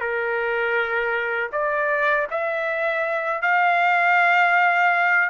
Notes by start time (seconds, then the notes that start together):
0.00 A#4
1.52 D5
2.30 E5
3.42 F5